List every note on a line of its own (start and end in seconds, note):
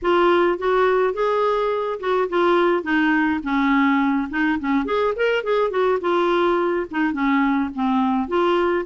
0.02 0.58 F4
0.58 1.13 F#4
1.13 1.99 G#4
1.99 2.28 F#4
2.29 2.83 F4
2.83 3.40 D#4
3.43 4.29 C#4
4.30 4.58 D#4
4.59 4.85 C#4
4.85 5.14 G#4
5.16 5.43 A#4
5.43 5.70 G#4
5.70 5.98 F#4
6.00 6.86 F4
6.90 7.12 D#4
7.12 7.69 C#4
7.74 8.28 C4
8.28 8.85 F4